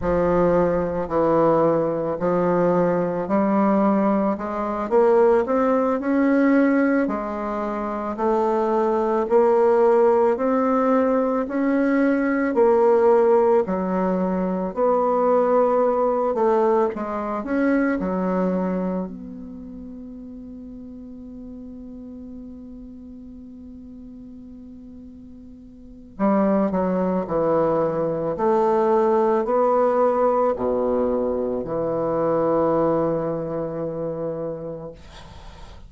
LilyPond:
\new Staff \with { instrumentName = "bassoon" } { \time 4/4 \tempo 4 = 55 f4 e4 f4 g4 | gis8 ais8 c'8 cis'4 gis4 a8~ | a8 ais4 c'4 cis'4 ais8~ | ais8 fis4 b4. a8 gis8 |
cis'8 fis4 b2~ b8~ | b1 | g8 fis8 e4 a4 b4 | b,4 e2. | }